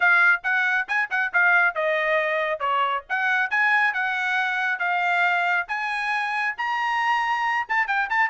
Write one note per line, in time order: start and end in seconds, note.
0.00 0.42 F5
0.43 0.87 F#5
0.87 1.09 G#5
1.10 1.32 F#5
1.33 1.74 F5
1.74 2.59 D#5
2.59 3.03 C#5
3.09 3.50 F#5
3.50 3.93 G#5
3.93 4.79 F#5
4.79 5.66 F5
5.68 6.55 G#5
6.57 7.67 A#5
7.68 7.87 A5
7.87 8.09 G5
8.09 8.30 A5